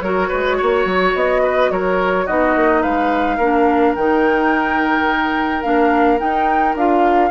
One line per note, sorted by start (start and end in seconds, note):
0.00 0.30 F#3
0.00 2.27 F#4
0.00 0.28 A#4
0.00 1.12 C#5
0.28 0.61 G#3
0.28 0.56 B4
0.58 0.85 A#3
0.58 1.42 C#5
0.85 1.13 F#3
1.14 1.70 B3
1.14 1.71 D#5
1.42 1.70 B4
1.70 2.27 F#3
1.70 2.25 A#4
1.70 2.27 C#5
2.25 2.55 B3
2.25 3.39 D#4
2.25 2.81 F#4
2.25 2.82 D#5
2.55 2.84 A#3
2.81 3.38 G#3
2.81 3.36 B4
2.81 3.95 F5
3.36 3.94 A#3
3.36 3.97 D4
3.36 7.29 A#4
3.95 5.64 D#3
3.95 5.63 D#4
3.95 5.62 G5
5.62 6.20 A#3
5.62 6.18 D4
5.62 6.18 F5
6.18 6.74 D#4
6.18 6.75 D#4
6.18 6.75 G5
6.75 7.30 D4
6.75 7.30 F4
6.75 7.30 F5